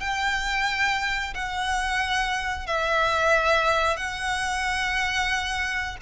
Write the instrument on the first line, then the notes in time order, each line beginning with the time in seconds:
violin
0.00 G5
1.34 F#5
2.66 E5
3.96 F#5